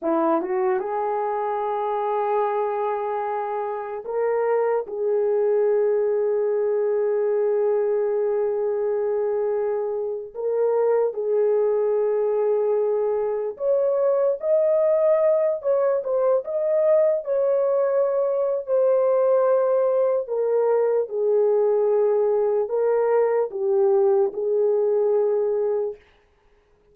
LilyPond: \new Staff \with { instrumentName = "horn" } { \time 4/4 \tempo 4 = 74 e'8 fis'8 gis'2.~ | gis'4 ais'4 gis'2~ | gis'1~ | gis'8. ais'4 gis'2~ gis'16~ |
gis'8. cis''4 dis''4. cis''8 c''16~ | c''16 dis''4 cis''4.~ cis''16 c''4~ | c''4 ais'4 gis'2 | ais'4 g'4 gis'2 | }